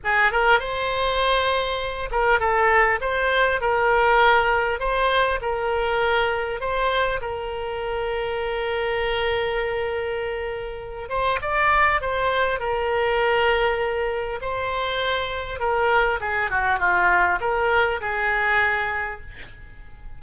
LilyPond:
\new Staff \with { instrumentName = "oboe" } { \time 4/4 \tempo 4 = 100 gis'8 ais'8 c''2~ c''8 ais'8 | a'4 c''4 ais'2 | c''4 ais'2 c''4 | ais'1~ |
ais'2~ ais'8 c''8 d''4 | c''4 ais'2. | c''2 ais'4 gis'8 fis'8 | f'4 ais'4 gis'2 | }